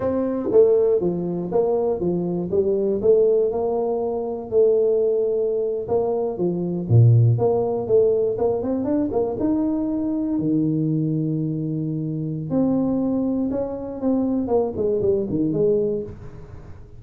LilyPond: \new Staff \with { instrumentName = "tuba" } { \time 4/4 \tempo 4 = 120 c'4 a4 f4 ais4 | f4 g4 a4 ais4~ | ais4 a2~ a8. ais16~ | ais8. f4 ais,4 ais4 a16~ |
a8. ais8 c'8 d'8 ais8 dis'4~ dis'16~ | dis'8. dis2.~ dis16~ | dis4 c'2 cis'4 | c'4 ais8 gis8 g8 dis8 gis4 | }